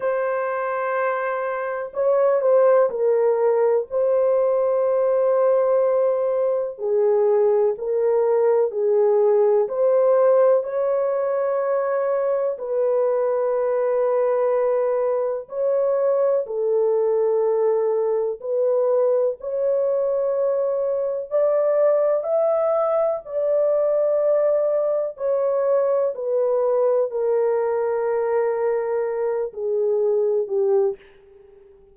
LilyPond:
\new Staff \with { instrumentName = "horn" } { \time 4/4 \tempo 4 = 62 c''2 cis''8 c''8 ais'4 | c''2. gis'4 | ais'4 gis'4 c''4 cis''4~ | cis''4 b'2. |
cis''4 a'2 b'4 | cis''2 d''4 e''4 | d''2 cis''4 b'4 | ais'2~ ais'8 gis'4 g'8 | }